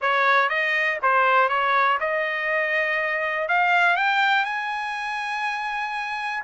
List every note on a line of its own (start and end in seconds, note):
0.01 0.49 C#5
0.49 0.98 D#5
1.02 1.49 C5
1.49 1.98 C#5
2.00 3.48 D#5
3.48 3.96 F5
3.96 4.44 G5
4.44 6.43 G#5